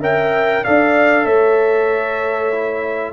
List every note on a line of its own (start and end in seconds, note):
0.00 0.63 C#4
0.00 0.64 A#4
0.00 0.62 E5
0.00 0.64 G5
0.64 1.25 D4
0.64 2.52 A4
0.64 1.25 D5
0.64 1.26 F5
1.25 3.13 A3
1.25 3.13 C#5
1.25 3.13 E5
2.52 3.13 E4